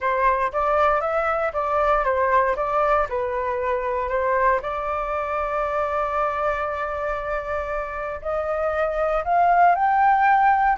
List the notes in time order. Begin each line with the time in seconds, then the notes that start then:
0.00 C5
0.52 D5
1.00 E5
1.53 D5
2.04 C5
2.56 D5
3.09 B4
4.08 C5
4.62 D5
8.21 D#5
9.24 F5
9.75 G5